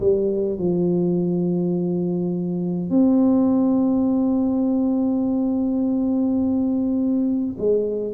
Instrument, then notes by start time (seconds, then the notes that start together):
tuba
0.00 G3
0.58 F3
2.90 C4
7.58 G#3